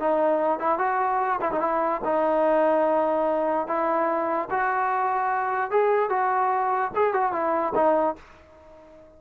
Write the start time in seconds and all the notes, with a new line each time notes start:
0.00 D#4
0.59 E4
0.79 F#4
1.41 E4
1.52 D#4
1.61 E4
2.04 D#4
3.67 E4
4.51 F#4
5.71 G#4
6.10 F#4
6.95 G#4
7.14 F#4
7.33 E4
7.75 D#4